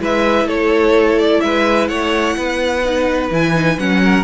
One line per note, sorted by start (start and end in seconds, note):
0.00 0.45 G#3
0.00 2.84 E4
0.00 0.47 B4
0.00 0.48 E5
0.45 1.39 A3
0.45 1.41 A4
0.45 1.19 C#5
1.19 1.41 D5
1.41 1.89 G#3
1.41 1.89 B4
1.41 1.87 E5
1.87 2.36 A3
1.87 2.36 C#5
1.87 3.29 F#5
2.37 3.31 B3
2.37 4.02 B4
2.84 3.31 D#4
3.31 3.78 E3
3.31 3.55 E4
3.31 3.79 G#5
3.55 3.78 D#4
3.78 4.24 F#3
3.78 4.24 C#4
3.78 4.24 F#5
4.04 4.24 A#4